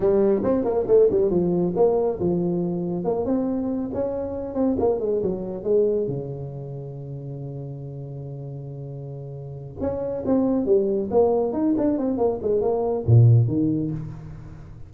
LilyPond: \new Staff \with { instrumentName = "tuba" } { \time 4/4 \tempo 4 = 138 g4 c'8 ais8 a8 g8 f4 | ais4 f2 ais8 c'8~ | c'4 cis'4. c'8 ais8 gis8 | fis4 gis4 cis2~ |
cis1~ | cis2~ cis8 cis'4 c'8~ | c'8 g4 ais4 dis'8 d'8 c'8 | ais8 gis8 ais4 ais,4 dis4 | }